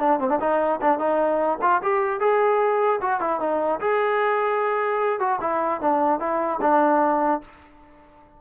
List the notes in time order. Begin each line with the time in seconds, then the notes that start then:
0.00 D4
0.20 C4
0.30 D4
0.41 D#4
0.82 D4
0.99 D#4
1.62 F4
1.83 G4
2.21 G#4
3.02 F#4
3.21 E4
3.41 D#4
3.81 G#4
5.20 F#4
5.41 E4
5.81 D4
6.20 E4
6.62 D4